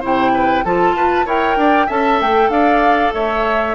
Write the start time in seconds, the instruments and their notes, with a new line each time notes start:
0.00 bassoon C3, clarinet E4, oboe C5, flute G5
0.34 oboe B4
0.64 bassoon F3, clarinet F4, oboe A4, flute A5
0.92 bassoon F4, oboe B4
1.25 bassoon E4, clarinet A#4, oboe C#5, flute G5
1.56 bassoon D4, oboe D5
1.86 bassoon C#4, clarinet A4, oboe E5, flute A5
2.21 bassoon A3, flute G5
2.49 bassoon D4, oboe D5, flute F5
3.14 bassoon A3, oboe C#5, flute E5